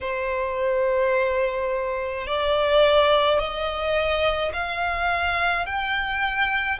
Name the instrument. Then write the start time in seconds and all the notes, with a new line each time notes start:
violin
0.00 C5
2.26 D5
3.38 D#5
4.53 F5
5.66 G5